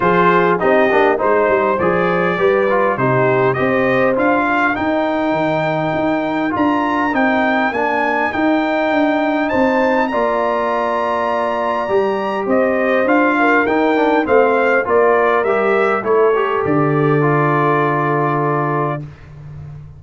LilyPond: <<
  \new Staff \with { instrumentName = "trumpet" } { \time 4/4 \tempo 4 = 101 c''4 dis''4 c''4 d''4~ | d''4 c''4 dis''4 f''4 | g''2. ais''4 | g''4 gis''4 g''2 |
a''4 ais''2.~ | ais''4 dis''4 f''4 g''4 | f''4 d''4 e''4 cis''4 | d''1 | }
  \new Staff \with { instrumentName = "horn" } { \time 4/4 gis'4 g'4 c''2 | b'4 g'4 c''4. ais'8~ | ais'1~ | ais'1 |
c''4 d''2.~ | d''4 c''4. ais'4. | c''4 ais'2 a'4~ | a'1 | }
  \new Staff \with { instrumentName = "trombone" } { \time 4/4 f'4 dis'8 d'8 dis'4 gis'4 | g'8 f'8 dis'4 g'4 f'4 | dis'2. f'4 | dis'4 d'4 dis'2~ |
dis'4 f'2. | g'2 f'4 dis'8 d'8 | c'4 f'4 g'4 e'8 g'8~ | g'4 f'2. | }
  \new Staff \with { instrumentName = "tuba" } { \time 4/4 f4 c'8 ais8 gis8 g8 f4 | g4 c4 c'4 d'4 | dis'4 dis4 dis'4 d'4 | c'4 ais4 dis'4 d'4 |
c'4 ais2. | g4 c'4 d'4 dis'4 | a4 ais4 g4 a4 | d1 | }
>>